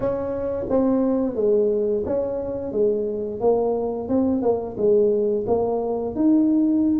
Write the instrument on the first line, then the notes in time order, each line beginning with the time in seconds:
tuba
0.00 C#4
0.69 C4
1.35 G#3
2.05 C#4
2.72 G#3
3.40 A#3
4.08 C4
4.42 A#3
4.77 G#3
5.46 A#3
6.15 D#4